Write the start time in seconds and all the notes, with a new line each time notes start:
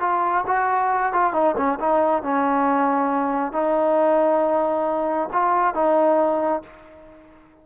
0.00 F4
0.46 F#4
1.12 F4
1.33 D#4
1.57 C#4
1.79 D#4
2.23 C#4
3.52 D#4
5.33 F4
5.74 D#4